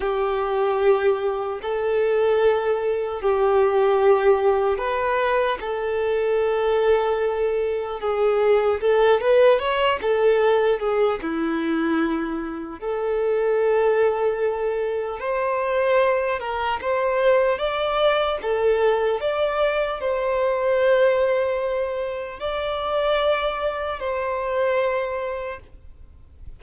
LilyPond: \new Staff \with { instrumentName = "violin" } { \time 4/4 \tempo 4 = 75 g'2 a'2 | g'2 b'4 a'4~ | a'2 gis'4 a'8 b'8 | cis''8 a'4 gis'8 e'2 |
a'2. c''4~ | c''8 ais'8 c''4 d''4 a'4 | d''4 c''2. | d''2 c''2 | }